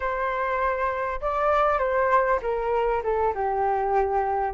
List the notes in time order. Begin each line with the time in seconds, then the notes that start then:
0.00 C5
1.21 D5
1.79 C5
2.41 A#4
3.03 A4
3.34 G4